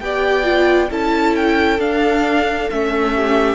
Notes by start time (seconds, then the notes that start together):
0.00 B3 G4 D5 G5
0.44 F4
0.90 C#4 E4 A4 A5
1.36 G5
1.79 D4 F5
2.70 A3 C#4 E5
3.16 G4